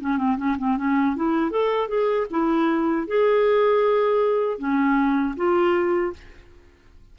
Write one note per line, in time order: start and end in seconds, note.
0.00 0.17 C#4
0.17 0.36 C4
0.37 0.56 C#4
0.58 0.77 C4
0.77 1.16 C#4
1.16 1.50 E4
1.50 1.88 A4
1.88 2.27 G#4
2.30 3.07 E4
3.07 4.58 G#4
4.58 5.35 C#4
5.36 6.13 F4